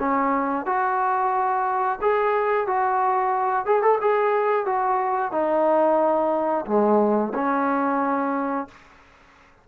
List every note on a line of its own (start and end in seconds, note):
0.00 0.66 C#4
0.66 2.00 F#4
2.02 2.67 G#4
2.67 3.66 F#4
3.66 3.82 G#4
3.82 3.99 A4
4.01 4.66 G#4
4.66 5.32 F#4
5.32 6.66 D#4
6.67 7.34 G#3
7.35 8.68 C#4